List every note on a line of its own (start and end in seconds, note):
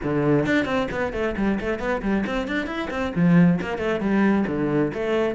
0.03 0.45 D3
0.45 0.65 D4
0.65 0.87 C4
0.91 1.12 B3
1.12 1.35 A3
1.37 1.59 G3
1.60 1.79 A3
1.79 2.01 B3
2.01 2.24 G3
2.26 2.47 C4
2.47 2.66 D4
2.66 2.88 E4
2.90 3.12 C4
3.15 3.59 F3
3.61 3.78 A#3
3.78 4.00 A3
4.00 4.45 G3
4.47 4.92 D3
4.94 5.35 A3